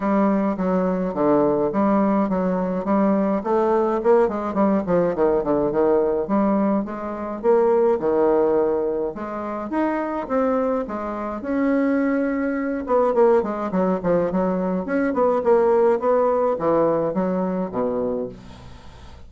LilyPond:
\new Staff \with { instrumentName = "bassoon" } { \time 4/4 \tempo 4 = 105 g4 fis4 d4 g4 | fis4 g4 a4 ais8 gis8 | g8 f8 dis8 d8 dis4 g4 | gis4 ais4 dis2 |
gis4 dis'4 c'4 gis4 | cis'2~ cis'8 b8 ais8 gis8 | fis8 f8 fis4 cis'8 b8 ais4 | b4 e4 fis4 b,4 | }